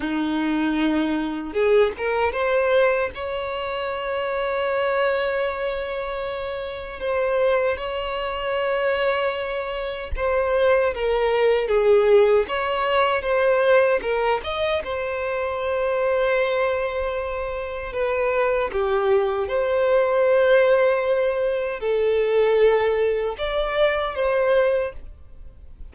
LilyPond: \new Staff \with { instrumentName = "violin" } { \time 4/4 \tempo 4 = 77 dis'2 gis'8 ais'8 c''4 | cis''1~ | cis''4 c''4 cis''2~ | cis''4 c''4 ais'4 gis'4 |
cis''4 c''4 ais'8 dis''8 c''4~ | c''2. b'4 | g'4 c''2. | a'2 d''4 c''4 | }